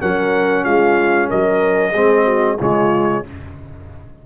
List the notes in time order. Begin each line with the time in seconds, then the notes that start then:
0.00 F#3 C#4 A#4 F#5
0.65 G#3 F4 F5
1.29 F#3 A#4 D#5
1.92 G#3 C4 G#4
2.25 F#4
2.60 C#3 G#3 F4 C#5